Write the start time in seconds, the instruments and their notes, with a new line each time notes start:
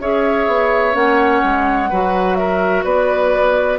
0.00 bassoon C#4, clarinet G#4, oboe C#5, flute E5
0.47 bassoon B3
0.93 bassoon A#3, clarinet C#4, flute F#5
1.44 bassoon G#3
1.90 bassoon F#3, clarinet F#4, oboe B4
2.36 oboe A#4, flute E5
2.84 bassoon B3, oboe B4, flute D5